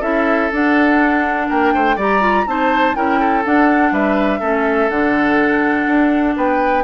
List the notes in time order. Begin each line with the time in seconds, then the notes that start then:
0.00 C#4 E4 A4 E5
0.52 D4 F#5
1.49 A#3 A#4 G5
1.74 A3 C5
1.96 G3 G4 D5 A#5
2.21 F4
2.46 C4 D#4 C5 A5
2.95 C#4 E4 A#4 G5
3.20 A4
3.44 D4 F#5
3.92 G3 B4 E5
4.40 A3 C#4 A4
4.90 D3 D4 F#5
5.87 D4
6.36 B3 B4 G5